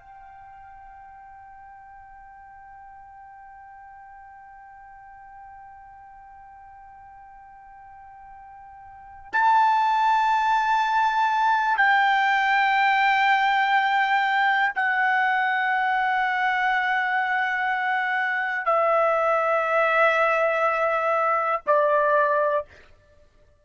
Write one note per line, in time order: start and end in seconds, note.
0.00 9.33 G5
9.33 11.78 A5
11.78 14.73 G5
14.75 18.66 F#5
18.66 21.61 E5
21.67 22.65 D5